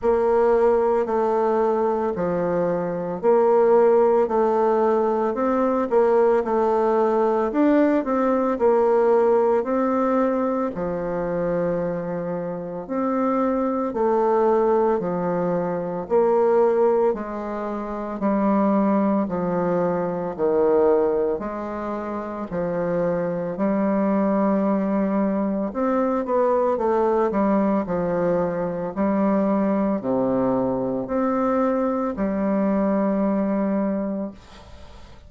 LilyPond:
\new Staff \with { instrumentName = "bassoon" } { \time 4/4 \tempo 4 = 56 ais4 a4 f4 ais4 | a4 c'8 ais8 a4 d'8 c'8 | ais4 c'4 f2 | c'4 a4 f4 ais4 |
gis4 g4 f4 dis4 | gis4 f4 g2 | c'8 b8 a8 g8 f4 g4 | c4 c'4 g2 | }